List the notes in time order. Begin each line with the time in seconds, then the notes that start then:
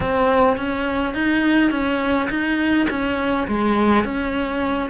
0.00 C4
0.56 C#4
1.14 D#4
1.70 C#4
2.29 D#4
2.89 C#4
3.47 G#3
4.04 C#4